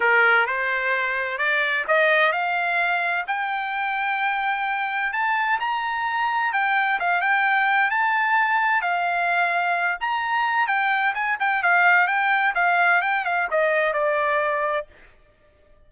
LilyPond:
\new Staff \with { instrumentName = "trumpet" } { \time 4/4 \tempo 4 = 129 ais'4 c''2 d''4 | dis''4 f''2 g''4~ | g''2. a''4 | ais''2 g''4 f''8 g''8~ |
g''4 a''2 f''4~ | f''4. ais''4. g''4 | gis''8 g''8 f''4 g''4 f''4 | g''8 f''8 dis''4 d''2 | }